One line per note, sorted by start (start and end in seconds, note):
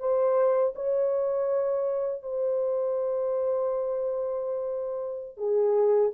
0.00 0.74 C5
0.75 2.23 C#5
2.23 5.37 C5
5.38 6.12 G#4